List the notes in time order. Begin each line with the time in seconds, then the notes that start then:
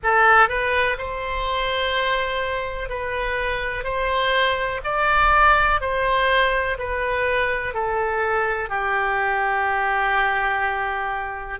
0.03 A4
0.48 B4
0.98 C5
2.89 B4
3.84 C5
4.83 D5
5.80 C5
6.78 B4
7.74 A4
8.69 G4